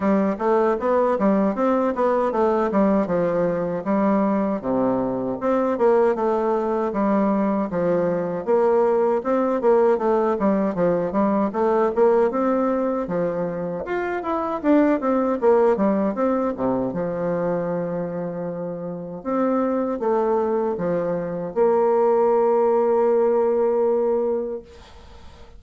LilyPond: \new Staff \with { instrumentName = "bassoon" } { \time 4/4 \tempo 4 = 78 g8 a8 b8 g8 c'8 b8 a8 g8 | f4 g4 c4 c'8 ais8 | a4 g4 f4 ais4 | c'8 ais8 a8 g8 f8 g8 a8 ais8 |
c'4 f4 f'8 e'8 d'8 c'8 | ais8 g8 c'8 c8 f2~ | f4 c'4 a4 f4 | ais1 | }